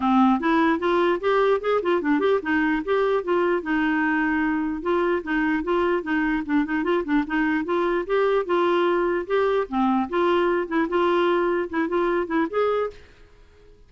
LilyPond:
\new Staff \with { instrumentName = "clarinet" } { \time 4/4 \tempo 4 = 149 c'4 e'4 f'4 g'4 | gis'8 f'8 d'8 g'8 dis'4 g'4 | f'4 dis'2. | f'4 dis'4 f'4 dis'4 |
d'8 dis'8 f'8 d'8 dis'4 f'4 | g'4 f'2 g'4 | c'4 f'4. e'8 f'4~ | f'4 e'8 f'4 e'8 gis'4 | }